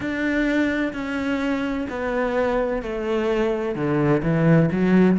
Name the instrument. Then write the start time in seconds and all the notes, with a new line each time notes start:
cello
0.00 D4
0.93 C#4
1.89 B3
2.82 A3
3.75 D3
4.22 E3
4.71 F#3